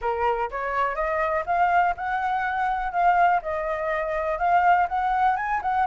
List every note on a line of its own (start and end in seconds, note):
0.01 0.50 A#4
0.50 0.95 C#5
0.95 1.44 D#5
1.45 1.94 F5
1.96 2.92 F#5
2.92 3.40 F5
3.41 4.38 D#5
4.38 4.87 F5
4.88 5.36 F#5
5.36 5.60 G#5
5.62 5.86 F#5